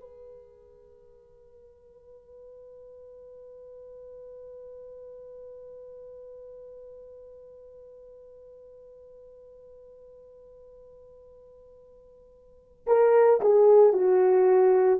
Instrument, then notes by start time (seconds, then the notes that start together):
horn
0.00 B4
12.87 A#4
13.41 G#4
13.93 F#4